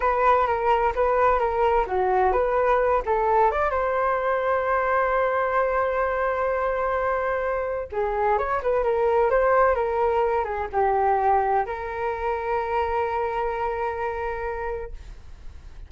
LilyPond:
\new Staff \with { instrumentName = "flute" } { \time 4/4 \tempo 4 = 129 b'4 ais'4 b'4 ais'4 | fis'4 b'4. a'4 d''8 | c''1~ | c''1~ |
c''4 gis'4 cis''8 b'8 ais'4 | c''4 ais'4. gis'8 g'4~ | g'4 ais'2.~ | ais'1 | }